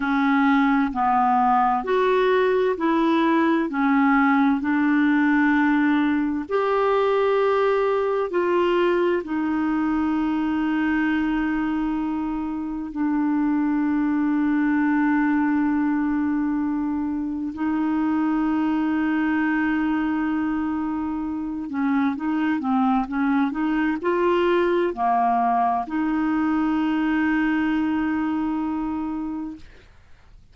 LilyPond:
\new Staff \with { instrumentName = "clarinet" } { \time 4/4 \tempo 4 = 65 cis'4 b4 fis'4 e'4 | cis'4 d'2 g'4~ | g'4 f'4 dis'2~ | dis'2 d'2~ |
d'2. dis'4~ | dis'2.~ dis'8 cis'8 | dis'8 c'8 cis'8 dis'8 f'4 ais4 | dis'1 | }